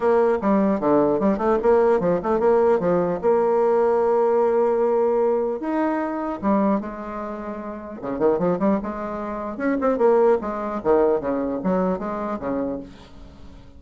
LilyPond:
\new Staff \with { instrumentName = "bassoon" } { \time 4/4 \tempo 4 = 150 ais4 g4 d4 g8 a8 | ais4 f8 a8 ais4 f4 | ais1~ | ais2 dis'2 |
g4 gis2. | cis8 dis8 f8 g8 gis2 | cis'8 c'8 ais4 gis4 dis4 | cis4 fis4 gis4 cis4 | }